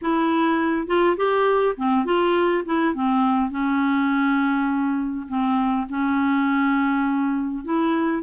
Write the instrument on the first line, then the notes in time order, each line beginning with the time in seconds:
clarinet
0.01 E4
0.87 F4
1.17 G4
1.76 C4
2.05 F4
2.65 E4
2.94 C4
3.50 C#4
5.28 C4
5.89 C#4
7.64 E4